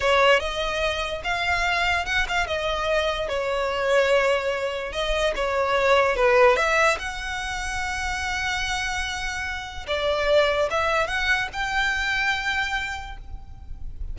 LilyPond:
\new Staff \with { instrumentName = "violin" } { \time 4/4 \tempo 4 = 146 cis''4 dis''2 f''4~ | f''4 fis''8 f''8 dis''2 | cis''1 | dis''4 cis''2 b'4 |
e''4 fis''2.~ | fis''1 | d''2 e''4 fis''4 | g''1 | }